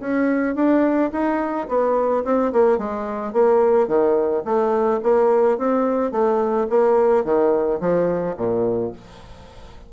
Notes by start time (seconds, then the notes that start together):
0.00 C#4
0.56 D4
1.12 D#4
1.69 B3
2.24 C4
2.53 A#3
2.78 G#3
3.33 A#3
3.88 D#3
4.45 A3
5.03 A#3
5.58 C4
6.12 A3
6.70 A#3
7.24 D#3
7.81 F3
8.37 A#2